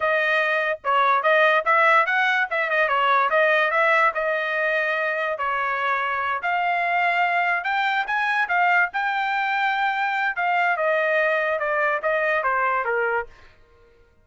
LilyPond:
\new Staff \with { instrumentName = "trumpet" } { \time 4/4 \tempo 4 = 145 dis''2 cis''4 dis''4 | e''4 fis''4 e''8 dis''8 cis''4 | dis''4 e''4 dis''2~ | dis''4 cis''2~ cis''8 f''8~ |
f''2~ f''8 g''4 gis''8~ | gis''8 f''4 g''2~ g''8~ | g''4 f''4 dis''2 | d''4 dis''4 c''4 ais'4 | }